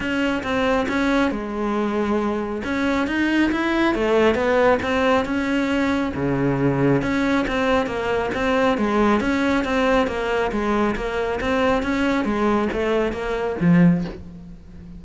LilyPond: \new Staff \with { instrumentName = "cello" } { \time 4/4 \tempo 4 = 137 cis'4 c'4 cis'4 gis4~ | gis2 cis'4 dis'4 | e'4 a4 b4 c'4 | cis'2 cis2 |
cis'4 c'4 ais4 c'4 | gis4 cis'4 c'4 ais4 | gis4 ais4 c'4 cis'4 | gis4 a4 ais4 f4 | }